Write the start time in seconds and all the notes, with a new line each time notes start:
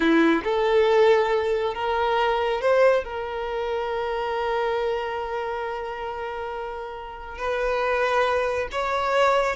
0.00 E4
0.44 A4
1.74 A#4
2.61 C5
3.03 A#4
7.38 B4
8.71 C#5